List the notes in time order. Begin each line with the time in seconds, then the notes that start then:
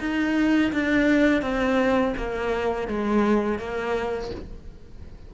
0.00 D#4
0.73 D4
1.42 C4
2.17 A#3
2.88 G#3
3.58 A#3